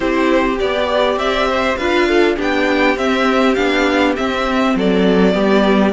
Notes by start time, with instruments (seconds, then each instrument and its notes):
0.00 cello C4, viola E4, violin G4 C5
0.59 cello B3, viola G4, violin D5
1.16 cello C4, violin D5 E5
1.49 violin C5
1.76 cello D4, viola F4, violin B4 F5
2.08 violin A4
2.36 cello B3, viola D4, violin G4 G5
2.96 cello C4, viola C4, violin E5
3.54 cello B3, viola D4, violin F5
4.16 viola C4, cello C4, violin E5
4.75 cello F#3, violin A4 D5
5.32 cello G3, viola B3, violin G4